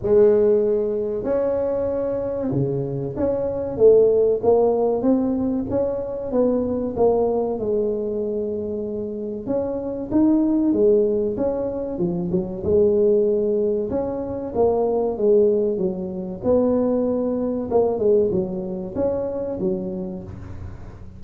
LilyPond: \new Staff \with { instrumentName = "tuba" } { \time 4/4 \tempo 4 = 95 gis2 cis'2 | cis4 cis'4 a4 ais4 | c'4 cis'4 b4 ais4 | gis2. cis'4 |
dis'4 gis4 cis'4 f8 fis8 | gis2 cis'4 ais4 | gis4 fis4 b2 | ais8 gis8 fis4 cis'4 fis4 | }